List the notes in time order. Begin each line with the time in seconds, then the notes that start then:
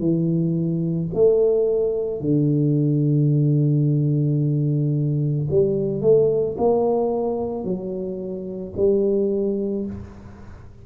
0.00 E3
1.15 A3
2.21 D3
5.51 G3
6.02 A3
6.58 A#3
7.65 F#3
8.77 G3